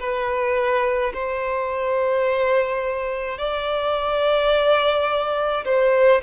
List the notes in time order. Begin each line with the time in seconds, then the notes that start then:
0.00 B4
1.14 C5
3.39 D5
5.66 C5